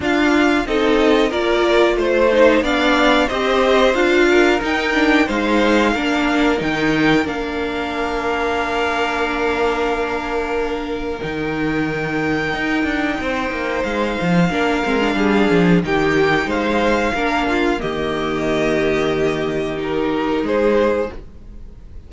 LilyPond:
<<
  \new Staff \with { instrumentName = "violin" } { \time 4/4 \tempo 4 = 91 f''4 dis''4 d''4 c''4 | f''4 dis''4 f''4 g''4 | f''2 g''4 f''4~ | f''1~ |
f''4 g''2.~ | g''4 f''2. | g''4 f''2 dis''4~ | dis''2 ais'4 c''4 | }
  \new Staff \with { instrumentName = "violin" } { \time 4/4 f'4 a'4 ais'4 c''4 | d''4 c''4. ais'4. | c''4 ais'2.~ | ais'1~ |
ais'1 | c''2 ais'4 gis'4 | g'4 c''4 ais'8 f'8 g'4~ | g'2. gis'4 | }
  \new Staff \with { instrumentName = "viola" } { \time 4/4 d'4 dis'4 f'4. dis'8 | d'4 g'4 f'4 dis'8 d'8 | dis'4 d'4 dis'4 d'4~ | d'1~ |
d'4 dis'2.~ | dis'2 d'8 c'16 d'4~ d'16 | dis'2 d'4 ais4~ | ais2 dis'2 | }
  \new Staff \with { instrumentName = "cello" } { \time 4/4 d'4 c'4 ais4 a4 | b4 c'4 d'4 dis'4 | gis4 ais4 dis4 ais4~ | ais1~ |
ais4 dis2 dis'8 d'8 | c'8 ais8 gis8 f8 ais8 gis8 g8 f8 | dis4 gis4 ais4 dis4~ | dis2. gis4 | }
>>